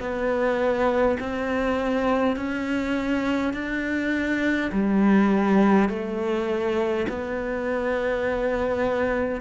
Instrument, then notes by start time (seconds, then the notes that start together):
cello
0.00 B3
1.20 C4
2.36 C#4
3.53 D4
4.72 G3
5.89 A3
7.09 B3